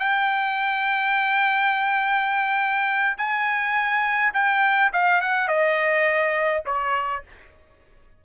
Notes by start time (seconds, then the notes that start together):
0.00 G5
3.18 G#5
4.34 G5
4.93 F5
5.21 F#5
5.48 D#5
6.66 C#5